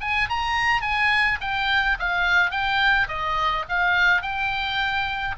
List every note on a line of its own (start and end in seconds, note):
0.00 0.28 G#5
0.29 0.81 A#5
0.81 1.38 G#5
1.40 1.97 G5
1.99 2.51 F5
2.51 3.07 G5
3.08 3.64 D#5
3.68 4.22 F5
4.22 5.35 G5